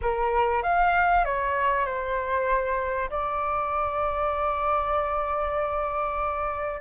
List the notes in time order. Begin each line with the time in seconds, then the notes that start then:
0.01 A#4
0.62 F5
1.24 C#5
1.85 C5
3.10 D5